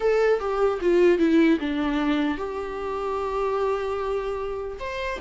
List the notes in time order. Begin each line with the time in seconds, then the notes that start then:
0.00 A4
0.39 G4
0.81 F4
1.18 E4
1.60 D4
2.37 G4
4.79 C5